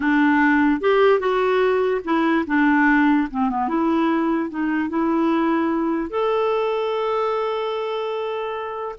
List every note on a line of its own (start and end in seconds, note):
0.00 0.80 D4
0.80 1.19 G4
1.19 2.01 F#4
2.04 2.45 E4
2.46 3.28 D4
3.30 3.49 C4
3.49 3.68 B3
3.68 4.50 E4
4.50 4.89 D#4
4.89 6.09 E4
6.09 8.95 A4